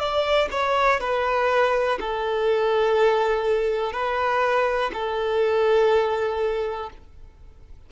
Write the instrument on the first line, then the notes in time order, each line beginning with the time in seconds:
violin
0.00 D5
0.51 C#5
1.01 B4
2.00 A4
3.93 B4
4.94 A4